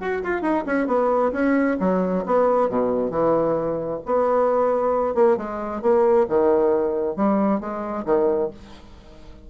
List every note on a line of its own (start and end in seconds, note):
0.00 0.22 F#4
0.23 0.42 F4
0.42 0.64 D#4
0.67 0.87 C#4
0.87 1.32 B3
1.32 1.77 C#4
1.80 2.25 F#3
2.26 2.69 B3
2.69 3.11 B2
3.11 4.00 E3
4.06 5.15 B3
5.15 5.37 A#3
5.37 5.82 G#3
5.82 6.27 A#3
6.29 7.16 D#3
7.16 7.60 G3
7.60 8.05 G#3
8.05 8.50 D#3